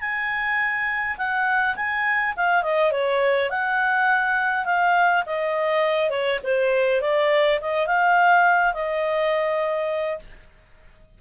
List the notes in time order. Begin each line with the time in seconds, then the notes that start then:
0.00 G#5
1.17 F#5
1.76 G#5
2.36 F5
2.62 D#5
2.92 C#5
3.50 F#5
4.65 F5
5.26 D#5
6.10 C#5
6.43 C5
7.01 D5
7.61 D#5
7.87 F5
8.73 D#5